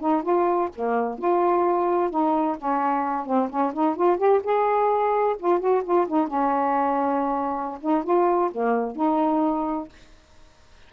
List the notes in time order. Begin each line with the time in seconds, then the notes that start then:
0.00 D#4
0.22 F4
0.75 A#3
1.18 F4
2.10 D#4
2.58 C#4
3.26 C4
3.49 C#4
3.73 D#4
3.96 F4
4.17 G4
4.43 G#4
5.39 F4
5.60 F#4
5.84 F4
6.07 D#4
6.27 C#4
7.81 D#4
8.04 F4
8.51 A#3
8.96 D#4